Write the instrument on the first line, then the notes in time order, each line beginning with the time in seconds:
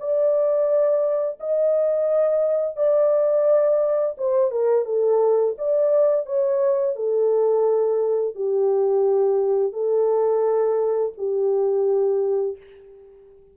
horn
0.00 D5
1.40 D#5
2.77 D5
4.18 C5
4.52 A#4
4.86 A4
5.59 D5
6.27 C#5
6.96 A4
8.36 G4
9.73 A4
11.18 G4